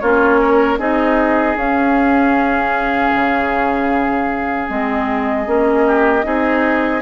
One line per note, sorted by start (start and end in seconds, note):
0.00 0.79 A#3
0.00 0.79 C#4
0.00 0.40 F4
0.00 0.78 C#5
0.41 0.79 A#4
0.79 1.56 C4
0.79 1.56 D#4
0.79 5.86 G#4
0.79 1.57 D#5
1.56 3.12 C#4
1.56 4.69 C#4
1.56 4.69 F5
3.14 4.69 C#3
4.69 5.47 G#3
4.69 5.46 C4
4.69 7.02 D#5
5.46 6.25 A#3
5.46 6.23 C#4
5.87 6.26 G4
6.23 7.02 C4
6.23 7.01 D#4
6.23 7.02 G#4